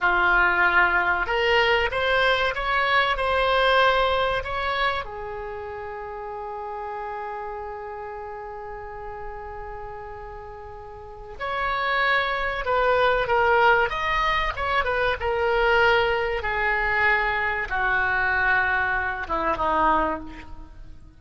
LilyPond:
\new Staff \with { instrumentName = "oboe" } { \time 4/4 \tempo 4 = 95 f'2 ais'4 c''4 | cis''4 c''2 cis''4 | gis'1~ | gis'1~ |
gis'2 cis''2 | b'4 ais'4 dis''4 cis''8 b'8 | ais'2 gis'2 | fis'2~ fis'8 e'8 dis'4 | }